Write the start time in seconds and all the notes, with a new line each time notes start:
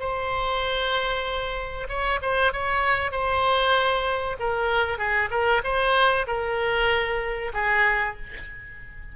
0.00 C5
1.89 C#5
2.22 C5
2.53 C#5
3.12 C5
4.40 A#4
4.99 G#4
5.31 A#4
5.64 C5
6.27 A#4
7.54 G#4